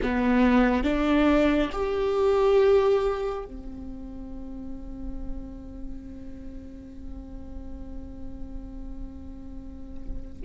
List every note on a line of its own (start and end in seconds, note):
0.02 0.83 B3
0.83 1.70 D4
1.72 3.45 G4
3.45 10.40 C4